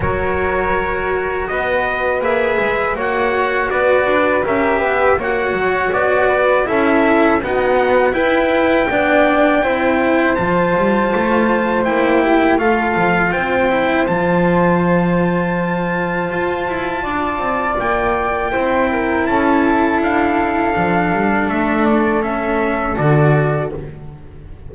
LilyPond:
<<
  \new Staff \with { instrumentName = "trumpet" } { \time 4/4 \tempo 4 = 81 cis''2 dis''4 e''4 | fis''4 d''4 e''4 fis''4 | d''4 e''4 fis''4 g''4~ | g''2 a''2 |
g''4 f''4 g''4 a''4~ | a''1 | g''2 a''4 f''4~ | f''4 e''8 d''8 e''4 d''4 | }
  \new Staff \with { instrumentName = "flute" } { \time 4/4 ais'2 b'2 | cis''4 b'4 ais'8 b'8 cis''4~ | cis''8 b'8 a'4 fis'4 b'4 | d''4 c''2.~ |
c''8 g'8 a'4 c''2~ | c''2. d''4~ | d''4 c''8 ais'8 a'2~ | a'1 | }
  \new Staff \with { instrumentName = "cello" } { \time 4/4 fis'2. gis'4 | fis'2 g'4 fis'4~ | fis'4 e'4 b4 e'4 | d'4 e'4 f'2 |
e'4 f'4. e'8 f'4~ | f'1~ | f'4 e'2. | d'2 cis'4 fis'4 | }
  \new Staff \with { instrumentName = "double bass" } { \time 4/4 fis2 b4 ais8 gis8 | ais4 b8 d'8 cis'8 b8 ais8 fis8 | b4 cis'4 dis'4 e'4 | b4 c'4 f8 g8 a4 |
ais4 a8 f8 c'4 f4~ | f2 f'8 e'8 d'8 c'8 | ais4 c'4 cis'4 d'4 | f8 g8 a2 d4 | }
>>